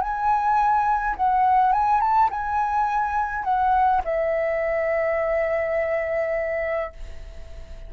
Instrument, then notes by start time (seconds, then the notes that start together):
flute
0.00 G#5
1.16 F#5
1.72 G#5
2.00 A5
2.30 G#5
3.44 F#5
4.04 E5